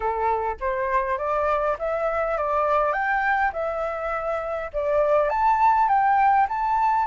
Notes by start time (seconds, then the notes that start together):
0.00 A4
0.60 C5
1.18 D5
1.78 E5
2.37 D5
2.92 G5
3.53 E5
4.73 D5
5.29 A5
5.88 G5
6.48 A5